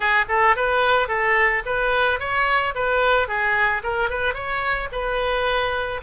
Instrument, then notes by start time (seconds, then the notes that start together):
oboe
0.00 G#4
0.28 A4
0.56 B4
1.08 A4
1.65 B4
2.19 C#5
2.74 B4
3.28 G#4
3.83 A#4
4.09 B4
4.33 C#5
4.92 B4